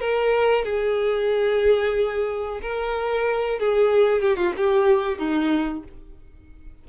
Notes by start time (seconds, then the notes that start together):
0.00 A#4
0.64 G#4
2.61 A#4
3.59 G#4
4.22 G4
4.36 F4
4.57 G4
5.18 D#4